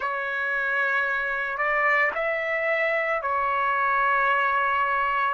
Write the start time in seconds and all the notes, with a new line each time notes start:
0.00 C#5
1.57 D5
2.14 E5
3.21 C#5